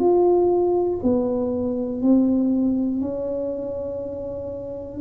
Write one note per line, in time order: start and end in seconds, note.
0.00 1.00 F4
1.03 2.02 B3
2.02 3.01 C4
3.01 5.00 C#4